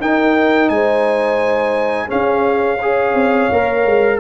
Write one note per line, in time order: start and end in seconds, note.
0.00 0.69 D#4
0.00 2.08 D#4
0.00 0.71 A#4
0.00 0.69 G5
0.69 2.09 G#3
0.69 2.08 C5
0.69 2.09 G#5
2.08 2.77 C#4
2.08 3.14 C#4
2.08 2.78 G#4
2.08 4.20 F5
2.78 3.51 G#4
2.78 4.18 C#5
3.14 3.48 C4
3.51 3.85 A#3
3.51 4.20 A#4
3.85 4.20 G#3